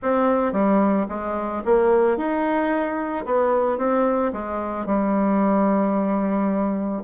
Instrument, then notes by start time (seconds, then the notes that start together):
bassoon
0.02 C4
0.52 G3
1.08 G#3
1.65 A#3
2.17 D#4
3.25 B3
3.77 C4
4.32 G#3
4.86 G3